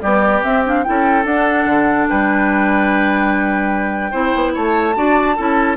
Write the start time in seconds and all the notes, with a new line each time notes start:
0.00 G3 B3 G4 D5
0.43 C4 E5
0.64 D4 F5
0.84 C#4 E4 A4 G5
1.25 D4 F#5
1.65 D3
2.08 G3 B4 G5
4.11 C4 E4 C5
4.35 B3
4.54 A3 C#5 A5
4.95 D4 F#4 D5
5.36 C#4 E4 A4